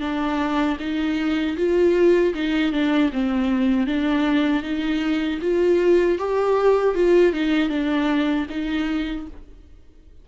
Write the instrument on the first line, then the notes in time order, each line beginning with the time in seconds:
viola
0.00 D4
0.79 D#4
1.56 F4
2.34 D#4
2.72 D4
3.12 C4
3.86 D4
4.62 D#4
5.41 F4
6.18 G4
6.94 F4
7.33 D#4
7.69 D4
8.49 D#4